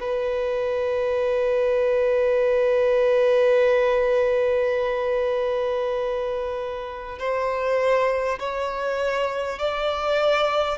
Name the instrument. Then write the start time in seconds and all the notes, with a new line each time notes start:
violin
0.00 B4
7.18 C5
8.39 C#5
9.58 D5